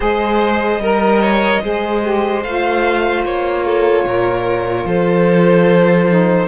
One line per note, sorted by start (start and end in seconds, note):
0.00 0.77 G#3
0.00 0.80 G#4
0.00 0.80 C5
0.00 2.43 D#5
0.77 1.58 G3
0.77 1.21 A#4
0.84 1.62 A#4
1.21 1.61 C#5
1.61 2.44 G#3
1.61 2.02 G#4
1.61 3.64 C5
2.02 2.42 G4
2.43 3.25 A3
2.43 6.08 F4
2.43 3.24 F5
3.25 4.04 A#3
3.25 4.86 C#5
3.65 4.05 A4
4.04 4.84 A#2
4.04 4.86 A#4
4.84 6.46 F3
4.84 6.48 A4
4.84 6.48 C5
6.08 6.48 D#4